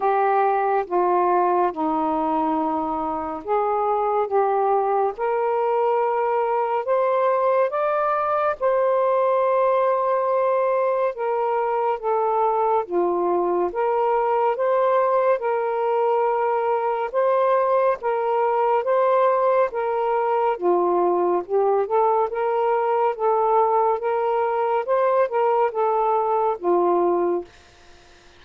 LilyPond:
\new Staff \with { instrumentName = "saxophone" } { \time 4/4 \tempo 4 = 70 g'4 f'4 dis'2 | gis'4 g'4 ais'2 | c''4 d''4 c''2~ | c''4 ais'4 a'4 f'4 |
ais'4 c''4 ais'2 | c''4 ais'4 c''4 ais'4 | f'4 g'8 a'8 ais'4 a'4 | ais'4 c''8 ais'8 a'4 f'4 | }